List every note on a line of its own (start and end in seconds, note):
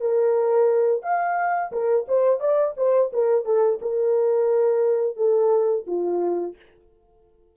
0.00 1.02 A#4
1.02 1.71 F5
1.72 2.06 A#4
2.08 2.39 C5
2.39 2.74 D5
2.76 3.11 C5
3.12 3.45 A#4
3.45 3.79 A4
3.81 5.16 A#4
5.16 5.85 A4
5.87 6.55 F4